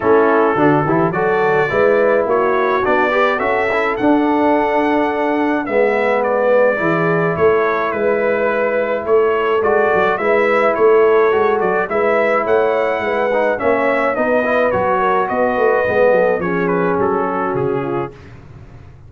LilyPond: <<
  \new Staff \with { instrumentName = "trumpet" } { \time 4/4 \tempo 4 = 106 a'2 d''2 | cis''4 d''4 e''4 fis''4~ | fis''2 e''4 d''4~ | d''4 cis''4 b'2 |
cis''4 d''4 e''4 cis''4~ | cis''8 d''8 e''4 fis''2 | e''4 dis''4 cis''4 dis''4~ | dis''4 cis''8 b'8 a'4 gis'4 | }
  \new Staff \with { instrumentName = "horn" } { \time 4/4 e'4 fis'8 g'8 a'4 b'4 | fis'4. b'8 a'2~ | a'2 b'2 | gis'4 a'4 b'2 |
a'2 b'4 a'4~ | a'4 b'4 cis''4 b'4 | cis''4 b'4. ais'8 b'4~ | b'8 a'8 gis'4. fis'4 f'8 | }
  \new Staff \with { instrumentName = "trombone" } { \time 4/4 cis'4 d'8 e'8 fis'4 e'4~ | e'4 d'8 g'8 fis'8 e'8 d'4~ | d'2 b2 | e'1~ |
e'4 fis'4 e'2 | fis'4 e'2~ e'8 dis'8 | cis'4 dis'8 e'8 fis'2 | b4 cis'2. | }
  \new Staff \with { instrumentName = "tuba" } { \time 4/4 a4 d8 e8 fis4 gis4 | ais4 b4 cis'4 d'4~ | d'2 gis2 | e4 a4 gis2 |
a4 gis8 fis8 gis4 a4 | gis8 fis8 gis4 a4 gis4 | ais4 b4 fis4 b8 a8 | gis8 fis8 f4 fis4 cis4 | }
>>